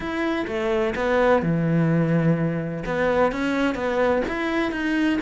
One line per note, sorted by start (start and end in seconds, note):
0.00 0.46 E4
0.47 0.94 A3
0.95 1.42 B3
1.42 2.83 E3
2.85 3.32 B3
3.32 3.74 C#4
3.74 4.22 B3
4.28 4.71 E4
4.71 5.19 D#4